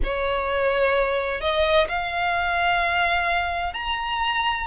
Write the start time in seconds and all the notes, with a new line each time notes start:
0.03 C#5
1.41 D#5
1.88 F5
3.73 A#5